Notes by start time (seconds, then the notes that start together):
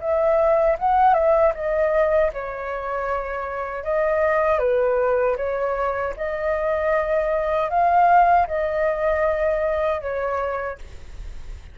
0.00 E5
0.79 F#5
1.14 E5
1.55 D#5
2.33 C#5
3.84 D#5
4.59 B4
5.37 C#5
6.17 D#5
7.70 F5
8.48 D#5
10.01 C#5